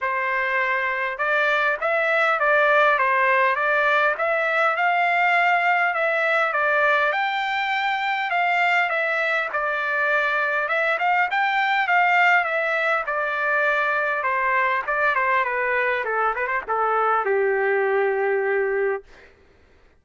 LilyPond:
\new Staff \with { instrumentName = "trumpet" } { \time 4/4 \tempo 4 = 101 c''2 d''4 e''4 | d''4 c''4 d''4 e''4 | f''2 e''4 d''4 | g''2 f''4 e''4 |
d''2 e''8 f''8 g''4 | f''4 e''4 d''2 | c''4 d''8 c''8 b'4 a'8 b'16 c''16 | a'4 g'2. | }